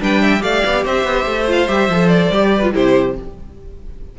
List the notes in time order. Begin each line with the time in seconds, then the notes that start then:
0.00 G3 D4 B4 G5
0.22 E5
0.40 A3 G4 D5 F5
0.66 B3
0.85 C4 C5 E5
1.04 B3
1.25 A3
1.47 F4 F5
1.68 G3 G4 E5
1.89 F3 A4
2.08 D5
2.31 G3 G4
2.56 B4
2.63 F4
2.72 C3 E4 G4 C5